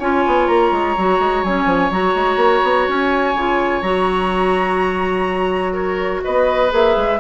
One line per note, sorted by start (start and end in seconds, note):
0.00 0.25 C#4
0.00 0.97 F4
0.00 5.73 C#5
0.00 0.48 G#5
0.27 0.49 B3
0.48 0.72 A#3
0.48 1.44 A#5
0.72 0.96 G#3
0.97 1.20 F#3
0.97 1.46 F#4
1.20 1.44 G#3
1.44 1.66 F#3
1.44 1.91 C#4
1.44 1.92 G#5
1.66 1.90 F3
1.91 2.15 F#3
1.91 3.35 F#4
1.91 2.89 A#5
2.15 2.37 G#3
2.37 2.61 A#3
2.64 2.88 B3
2.89 3.34 C#4
2.89 3.82 G#5
3.34 3.82 C#3
3.34 3.84 F4
3.82 6.23 F#3
3.82 6.70 F#4
3.82 5.74 A#5
5.73 6.21 A#4
5.73 6.22 C#5
6.24 6.73 B3
6.24 7.20 B4
6.24 6.72 D#5
6.70 6.97 A#3
6.70 7.18 G#4
6.70 7.20 E5
6.97 7.20 G#3